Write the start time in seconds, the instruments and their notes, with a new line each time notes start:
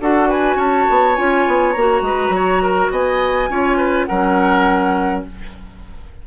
0.00 bassoon D4, clarinet F#4, oboe A4, flute F#5
0.28 oboe B4, flute G#5
0.56 bassoon C#4, oboe C#5, flute A5
0.90 bassoon B3
1.16 bassoon C#4, clarinet F4, flute G#5
1.47 bassoon B3
1.72 bassoon A#3, flute A#5
1.78 clarinet F#4
2.02 bassoon G#3, oboe B4
2.29 bassoon F#3, oboe C#5
2.62 oboe A#4
2.91 bassoon B3, oboe D#5, flute G#5
3.50 bassoon C#4, clarinet F4, oboe C#5
3.77 oboe B4
4.05 bassoon F#3, clarinet C#4, oboe A#4, flute F#5